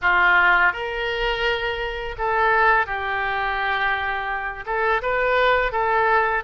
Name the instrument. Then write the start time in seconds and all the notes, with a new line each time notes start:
oboe
0.01 F4
0.72 A#4
2.18 A4
2.86 G4
4.66 A4
5.02 B4
5.71 A4